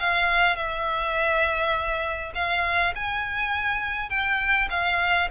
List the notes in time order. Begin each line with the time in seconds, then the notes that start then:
0.00 F5
0.56 E5
2.35 F5
2.95 G#5
4.10 G5
4.70 F5